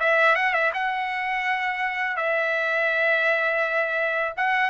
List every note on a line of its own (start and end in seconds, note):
0.00 0.35 E5
0.35 0.54 F#5
0.54 0.72 E5
0.74 2.17 F#5
2.17 4.33 E5
4.37 4.70 F#5